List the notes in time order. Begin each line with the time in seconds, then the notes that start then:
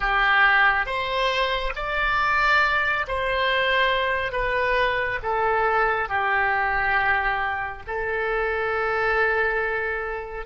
0.00 G4
0.85 C5
1.75 D5
3.07 C5
4.32 B4
5.23 A4
6.09 G4
7.87 A4